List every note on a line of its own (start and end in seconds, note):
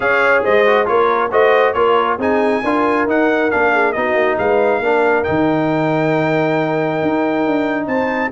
0.00 0.44 C#4
0.00 0.65 G#4
0.00 0.43 C#5
0.00 0.44 F5
0.43 0.89 G#3
0.43 0.87 C5
0.43 0.87 D#5
0.66 0.85 F#4
0.85 1.31 A#3
0.85 1.29 F4
0.85 1.31 A#4
0.85 1.31 C#5
1.31 1.74 A3
1.31 1.75 F#4
1.31 1.74 C5
1.31 1.73 D#5
1.73 2.18 A#3
1.73 2.19 F4
1.73 2.18 A#4
1.73 2.17 C#5
2.18 2.62 C4
2.18 2.63 D#4
2.18 2.62 G#4
2.18 3.08 G#5
2.63 3.06 D4
2.63 3.08 F4
2.63 3.72 A#4
3.06 3.50 D#4
3.06 3.50 F#5
3.50 3.96 A#3
3.50 3.94 D4
3.50 3.92 F5
3.72 3.94 G#4
3.92 4.14 B3
3.92 4.83 D#4
3.92 4.38 F#4
3.92 4.36 D#5
4.14 4.36 A#3
4.38 4.79 G#3
4.38 4.80 B4
4.38 5.23 F5
4.79 5.23 A#3
4.79 5.24 D4
4.79 7.87 A#4
5.23 7.02 D#3
5.23 8.31 D#4
5.23 7.86 G5
7.02 7.46 D#4
7.46 7.87 D4
7.87 8.31 C4
7.87 8.31 C5
7.87 8.31 A5